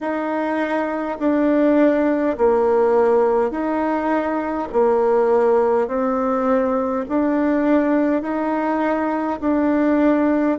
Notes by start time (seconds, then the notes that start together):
0.01 D#4
1.19 D4
2.37 A#3
3.50 D#4
4.72 A#3
5.87 C4
7.09 D4
8.21 D#4
9.40 D4